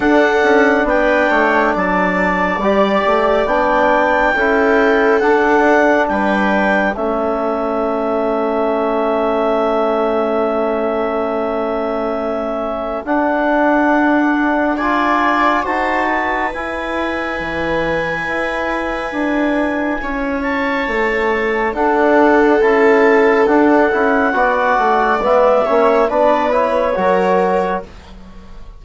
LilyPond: <<
  \new Staff \with { instrumentName = "clarinet" } { \time 4/4 \tempo 4 = 69 fis''4 g''4 a''4 d''4 | g''2 fis''4 g''4 | e''1~ | e''2. fis''4~ |
fis''4 gis''4 a''4 gis''4~ | gis''2.~ gis''8 a''8~ | a''4 fis''4 a''4 fis''4~ | fis''4 e''4 d''8 cis''4. | }
  \new Staff \with { instrumentName = "viola" } { \time 4/4 a'4 b'8 cis''8 d''2~ | d''4 a'2 b'4 | a'1~ | a'1~ |
a'4 d''4 c''8 b'4.~ | b'2. cis''4~ | cis''4 a'2. | d''4. cis''8 b'4 ais'4 | }
  \new Staff \with { instrumentName = "trombone" } { \time 4/4 d'2. g'4 | d'4 e'4 d'2 | cis'1~ | cis'2. d'4~ |
d'4 f'4 fis'4 e'4~ | e'1~ | e'4 d'4 e'4 d'8 e'8 | fis'4 b8 cis'8 d'8 e'8 fis'4 | }
  \new Staff \with { instrumentName = "bassoon" } { \time 4/4 d'8 cis'8 b8 a8 fis4 g8 a8 | b4 cis'4 d'4 g4 | a1~ | a2. d'4~ |
d'2 dis'4 e'4 | e4 e'4 d'4 cis'4 | a4 d'4 cis'4 d'8 cis'8 | b8 a8 gis8 ais8 b4 fis4 | }
>>